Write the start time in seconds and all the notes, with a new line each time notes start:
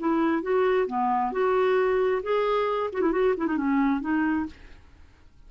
0.00 E4
0.43 F#4
0.87 B3
1.32 F#4
2.23 G#4
2.93 F#4
3.02 E4
3.13 F#4
3.38 E4
3.47 D#4
3.57 C#4
4.01 D#4